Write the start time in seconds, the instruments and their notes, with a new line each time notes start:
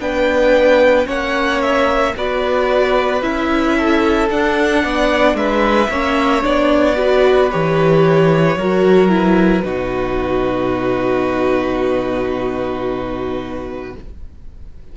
0.00 cello B3, viola D4, violin B4 G5
1.06 cello A#3, viola C#4, violin C#5 F#5
1.62 violin E5
2.17 cello B3, viola F#4, violin B4 D5
3.22 cello C#4, viola E4, violin E5
3.78 violin A4
4.30 viola D4, cello D4, violin F#5
4.83 cello B3, violin D5
5.35 cello G#3, violin B4 E5
5.89 cello A#3, viola C#4, violin C#5
6.42 cello B3, viola D4, violin D5
6.97 viola F#4, violin B4
7.51 cello E3, viola G4, violin C#5
8.57 cello F#3, viola F#4, violin A#4
9.10 viola E4, violin B4
9.65 cello B2, viola D#4, violin F#4